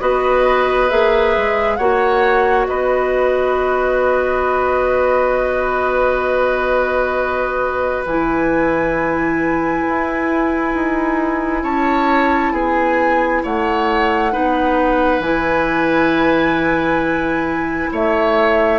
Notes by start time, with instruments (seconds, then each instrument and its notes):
0.00 bassoon B3, clarinet F#4, oboe B4, flute D#5
0.89 bassoon A#3, clarinet G#4, flute E5
1.37 bassoon G#3
1.76 bassoon A#3, clarinet F#4, oboe C#5, flute F#5
2.67 bassoon B3, oboe B4, flute D#5
8.05 bassoon E3, clarinet E4, flute G#5
9.89 bassoon E4
10.74 bassoon D#4
11.63 bassoon C#4, oboe C#5, flute A5
12.52 bassoon B3, oboe G#4, flute G#5
13.43 bassoon A3, oboe C#5, flute F#5
14.32 bassoon B3, clarinet D#4, oboe B4
15.20 bassoon E3, clarinet E4, flute G#5
17.92 bassoon A3, oboe C#5, flute E5